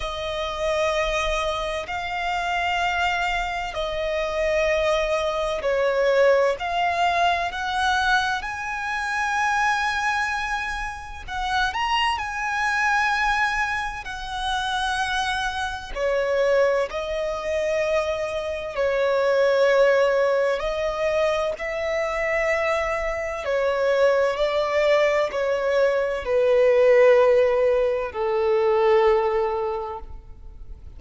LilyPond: \new Staff \with { instrumentName = "violin" } { \time 4/4 \tempo 4 = 64 dis''2 f''2 | dis''2 cis''4 f''4 | fis''4 gis''2. | fis''8 ais''8 gis''2 fis''4~ |
fis''4 cis''4 dis''2 | cis''2 dis''4 e''4~ | e''4 cis''4 d''4 cis''4 | b'2 a'2 | }